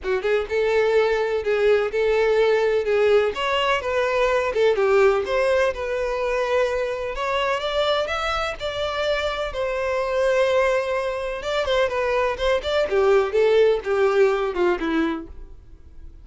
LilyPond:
\new Staff \with { instrumentName = "violin" } { \time 4/4 \tempo 4 = 126 fis'8 gis'8 a'2 gis'4 | a'2 gis'4 cis''4 | b'4. a'8 g'4 c''4 | b'2. cis''4 |
d''4 e''4 d''2 | c''1 | d''8 c''8 b'4 c''8 d''8 g'4 | a'4 g'4. f'8 e'4 | }